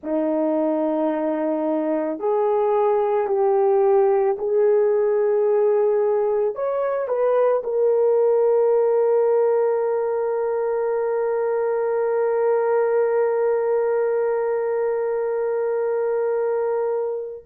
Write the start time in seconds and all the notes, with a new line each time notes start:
0.03 D#4
2.19 G#4
3.27 G4
4.38 G#4
6.55 C#5
7.08 B4
7.63 A#4